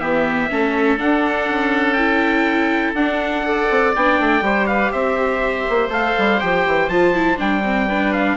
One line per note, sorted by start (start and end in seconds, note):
0.00 0.49 E3
0.00 0.49 B3
0.00 0.50 G4
0.00 0.98 E5
0.50 1.01 A3
0.50 0.98 C#4
0.50 3.48 A4
0.98 1.96 D4
0.98 1.49 D4
0.98 1.94 F#5
1.49 2.94 C#4
1.94 2.96 E4
1.94 2.92 G5
2.94 3.67 D4
2.94 3.45 D4
2.94 3.94 F#5
3.45 3.94 A4
3.45 4.45 D5
3.70 3.95 C4
3.96 4.20 B3
3.96 4.43 D4
3.96 4.67 G5
4.20 4.42 A3
4.42 4.91 G3
4.42 5.90 G4
4.42 4.69 C5
4.67 4.92 B4
4.67 4.92 F5
4.92 5.67 C4
4.92 7.87 C5
4.92 5.91 E5
5.70 5.89 A#3
5.89 6.14 A3
5.89 6.39 A4
5.89 6.41 F5
6.18 6.42 G3
6.40 6.67 F3
6.40 6.89 G4
6.40 6.89 G5
6.67 6.89 E3
6.89 7.38 F3
6.89 7.15 F4
6.89 7.38 A5
7.15 7.37 E4
7.37 8.37 G3
7.37 7.62 D4
7.37 8.13 G5
7.64 7.88 C4
7.88 8.37 D4
7.88 8.37 B4
8.13 8.37 F5